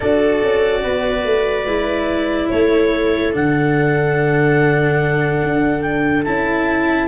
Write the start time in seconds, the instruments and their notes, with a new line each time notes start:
0.00 tuba D4, cello F#4, viola A4, clarinet D5
0.42 tuba C#4
0.82 tuba B3, viola B4
1.24 tuba A3
1.65 tuba G#3, cello E4
2.49 tuba A3, viola A4, clarinet C#5
3.32 tuba D3, cello D4, clarinet F#5
5.43 tuba D4
5.81 clarinet G5
6.24 tuba C#4, cello E4, clarinet A5